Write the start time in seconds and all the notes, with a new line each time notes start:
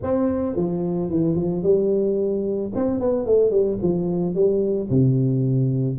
0.02 C4
0.56 F3
1.10 E3
1.35 F3
1.62 G3
2.75 C4
3.00 B3
3.26 A3
3.50 G3
3.82 F3
4.34 G3
4.89 C3